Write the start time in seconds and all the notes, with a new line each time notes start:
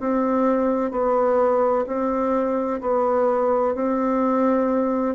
0.00 C4
0.91 B3
1.87 C4
2.81 B3
3.75 C4